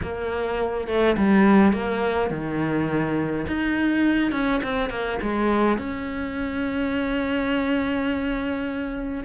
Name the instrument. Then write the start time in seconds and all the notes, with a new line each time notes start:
cello
0.02 A#3
0.87 A3
1.17 G3
1.72 A#3
2.30 D#3
3.47 D#4
4.31 C#4
4.63 C4
4.89 A#3
5.22 G#3
5.77 C#4